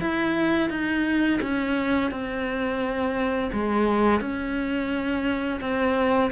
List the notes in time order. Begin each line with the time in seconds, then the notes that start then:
0.00 E4
0.69 D#4
1.41 C#4
2.11 C4
3.52 G#3
4.20 C#4
5.60 C4